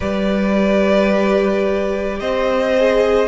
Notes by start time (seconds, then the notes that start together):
0.00 G3 G4 B4 D5
2.20 C4 C5 D#5
2.77 G#4